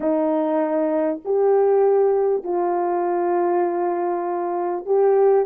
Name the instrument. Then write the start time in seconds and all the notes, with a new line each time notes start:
horn
0.00 D#4
1.24 G4
2.43 F4
4.85 G4